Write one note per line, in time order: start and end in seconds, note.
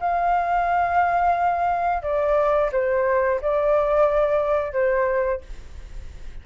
0.00 2.03 F5
2.03 2.71 D5
2.73 3.41 C5
3.42 4.73 D5
4.73 5.41 C5